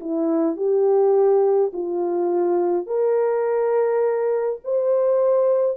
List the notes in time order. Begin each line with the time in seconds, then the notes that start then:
0.00 E4
0.56 G4
1.73 F4
2.87 A#4
4.64 C5